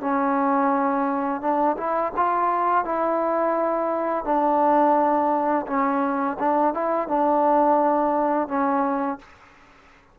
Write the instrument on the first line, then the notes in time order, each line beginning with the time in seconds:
trombone
0.00 C#4
1.41 D4
1.77 E4
2.16 F4
2.85 E4
4.24 D4
5.66 C#4
6.39 D4
6.74 E4
7.08 D4
8.48 C#4